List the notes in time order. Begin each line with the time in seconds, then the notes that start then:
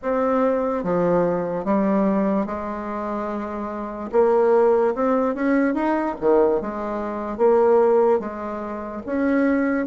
0.02 C4
0.83 F3
1.64 G3
2.46 G#3
4.12 A#3
4.94 C4
5.35 C#4
5.74 D#4
6.20 D#3
6.61 G#3
7.37 A#3
8.19 G#3
9.06 C#4